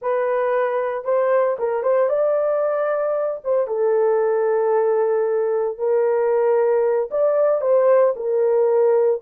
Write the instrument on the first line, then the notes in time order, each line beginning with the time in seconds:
horn
0.01 B4
1.04 C5
1.58 A#4
1.83 C5
2.09 D5
3.44 C5
3.67 A4
5.78 A#4
7.11 D5
7.61 C5
8.16 A#4